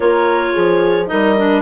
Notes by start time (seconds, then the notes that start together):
0.00 A#3 F4 A#4 C#5
0.53 F3 G#4
1.07 G3 D#4 A#4 D#5
1.37 D4